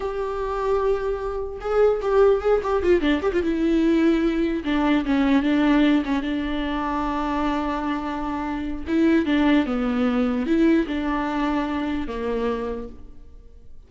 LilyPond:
\new Staff \with { instrumentName = "viola" } { \time 4/4 \tempo 4 = 149 g'1 | gis'4 g'4 gis'8 g'8 f'8 d'8 | g'16 f'16 e'2. d'8~ | d'8 cis'4 d'4. cis'8 d'8~ |
d'1~ | d'2 e'4 d'4 | b2 e'4 d'4~ | d'2 ais2 | }